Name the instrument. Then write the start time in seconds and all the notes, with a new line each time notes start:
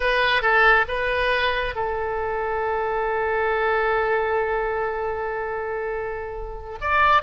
oboe
0.00 B4
0.42 A4
0.87 B4
1.75 A4
6.80 D5